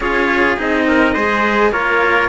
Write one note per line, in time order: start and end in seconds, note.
0.00 0.56 C#4
0.00 0.57 F4
0.00 0.87 G#4
0.00 0.57 C#5
0.57 1.16 C4
0.57 1.14 D#4
0.57 1.71 D#5
0.87 1.13 A#4
1.13 1.71 G#3
1.13 1.72 G#4
1.13 1.70 C5
1.71 2.28 A#3
1.71 2.28 F4
1.71 2.28 A#4
1.71 2.28 C#5